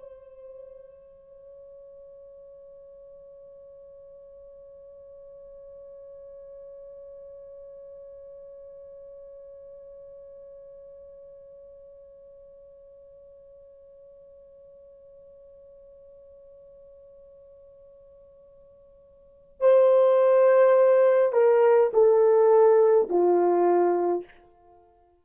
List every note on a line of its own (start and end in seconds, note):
0.00 19.60 C#5
19.60 21.33 C5
21.33 21.90 A#4
21.93 23.09 A4
23.09 24.25 F4